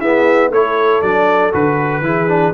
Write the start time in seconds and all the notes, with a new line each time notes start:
0.00 B3 E4 G#4 E5
0.50 A3 E4 A4 C#5
1.02 F#3 D4 D5
1.53 D3 F#4 B4
2.02 E3 E4 G#4
2.28 D4